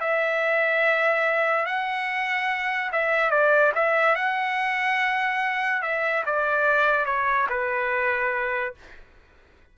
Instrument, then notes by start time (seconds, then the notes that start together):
trumpet
0.00 E5
1.66 F#5
2.92 E5
3.30 D5
3.75 E5
4.15 F#5
5.82 E5
6.26 D5
7.05 C#5
7.49 B4